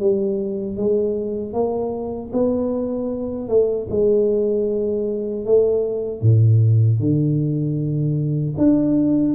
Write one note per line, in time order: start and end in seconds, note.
0.00 0.77 G3
0.77 1.54 G#3
1.54 2.32 A#3
2.33 3.49 B3
3.49 3.88 A3
3.90 5.45 G#3
5.45 6.22 A3
6.22 7.00 A2
7.00 8.56 D3
8.58 9.35 D4